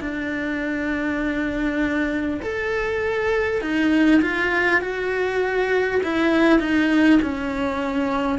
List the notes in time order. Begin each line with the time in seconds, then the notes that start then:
0.00 D4
2.42 A4
3.61 D#4
4.21 F4
4.81 F#4
6.03 E4
6.59 D#4
7.22 C#4